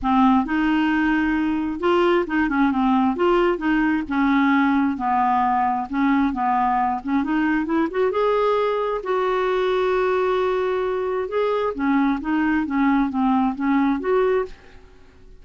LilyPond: \new Staff \with { instrumentName = "clarinet" } { \time 4/4 \tempo 4 = 133 c'4 dis'2. | f'4 dis'8 cis'8 c'4 f'4 | dis'4 cis'2 b4~ | b4 cis'4 b4. cis'8 |
dis'4 e'8 fis'8 gis'2 | fis'1~ | fis'4 gis'4 cis'4 dis'4 | cis'4 c'4 cis'4 fis'4 | }